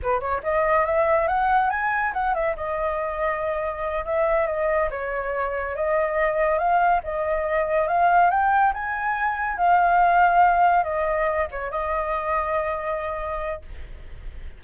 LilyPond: \new Staff \with { instrumentName = "flute" } { \time 4/4 \tempo 4 = 141 b'8 cis''8 dis''4 e''4 fis''4 | gis''4 fis''8 e''8 dis''2~ | dis''4. e''4 dis''4 cis''8~ | cis''4. dis''2 f''8~ |
f''8 dis''2 f''4 g''8~ | g''8 gis''2 f''4.~ | f''4. dis''4. cis''8 dis''8~ | dis''1 | }